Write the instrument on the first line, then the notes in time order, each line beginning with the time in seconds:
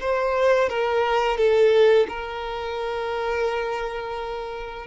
violin
0.00 C5
0.69 A#4
1.37 A4
2.08 A#4